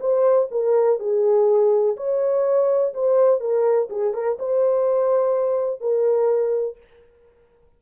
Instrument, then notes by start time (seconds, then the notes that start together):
horn
0.00 C5
0.51 A#4
0.99 G#4
1.97 C#5
2.94 C5
3.40 A#4
3.90 G#4
4.13 A#4
4.39 C5
5.80 A#4